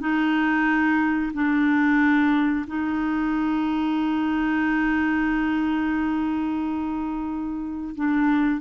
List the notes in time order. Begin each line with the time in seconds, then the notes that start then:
0.00 D#4
1.34 D4
2.67 D#4
7.95 D4